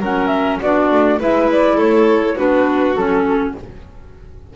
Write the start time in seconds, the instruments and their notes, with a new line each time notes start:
0.00 double bass F#3, clarinet C#4, violin A#4, flute F#5
0.27 flute E5
0.62 double bass B3, clarinet D4, violin F#4, flute D5
0.91 double bass A3
1.19 double bass G#3, clarinet E4, violin B4, flute E5
1.52 flute D5
1.76 double bass A3, violin A4, flute C#5
2.36 double bass B3, clarinet D4, violin F#4, flute B4
2.95 double bass F#3, clarinet C#4, flute A4